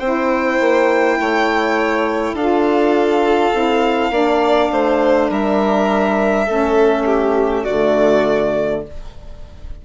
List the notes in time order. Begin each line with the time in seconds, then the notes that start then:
0.00 C4 E4 C5 G5
0.60 A#3
1.20 A3 C#5
2.34 D4 F4 A4 F5
3.54 C4 E4
4.11 A#3 D4 D5
4.72 A3 C5
5.30 G3 A#4 E5
6.45 A3 C#4 A4
7.06 G4
7.64 D3 A3 F#4 D5